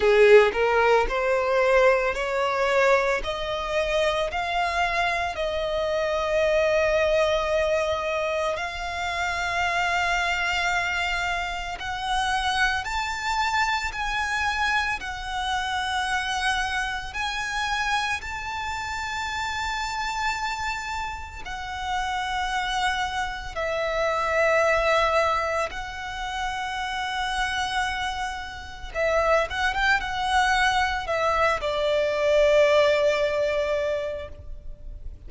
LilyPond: \new Staff \with { instrumentName = "violin" } { \time 4/4 \tempo 4 = 56 gis'8 ais'8 c''4 cis''4 dis''4 | f''4 dis''2. | f''2. fis''4 | a''4 gis''4 fis''2 |
gis''4 a''2. | fis''2 e''2 | fis''2. e''8 fis''16 g''16 | fis''4 e''8 d''2~ d''8 | }